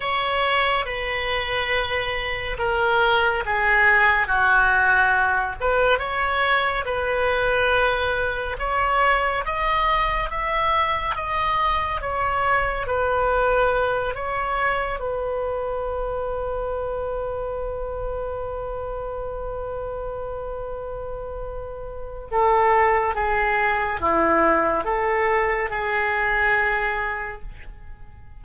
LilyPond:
\new Staff \with { instrumentName = "oboe" } { \time 4/4 \tempo 4 = 70 cis''4 b'2 ais'4 | gis'4 fis'4. b'8 cis''4 | b'2 cis''4 dis''4 | e''4 dis''4 cis''4 b'4~ |
b'8 cis''4 b'2~ b'8~ | b'1~ | b'2 a'4 gis'4 | e'4 a'4 gis'2 | }